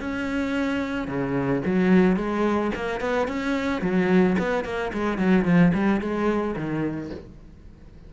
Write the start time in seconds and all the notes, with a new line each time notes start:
0.00 C#4
1.07 C#3
1.66 F#3
2.16 G#3
2.75 A#3
3.00 B3
3.28 C#4
3.82 F#3
4.39 B3
4.64 A#3
4.93 G#3
5.18 F#3
5.45 F3
5.74 G3
6.01 G#3
6.56 D#3